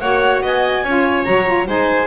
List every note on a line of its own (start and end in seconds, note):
0.00 0.43 A#3
0.00 0.85 F#4
0.00 0.42 C#5
0.00 0.42 F#5
0.43 0.84 B3
0.43 0.84 D#5
0.43 1.25 G#5
0.84 1.26 C#4
0.84 1.26 F4
0.84 1.67 C#5
1.25 1.68 F#3
1.25 1.46 F#4
1.25 1.66 A#5
1.46 1.66 F4
1.67 2.07 G#3
1.67 2.07 D#4
1.67 2.07 C5
1.67 2.07 G#5